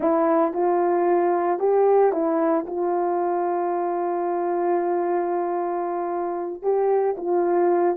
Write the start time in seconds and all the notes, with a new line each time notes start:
0.00 E4
0.53 F4
1.59 G4
2.12 E4
2.66 F4
6.62 G4
7.17 F4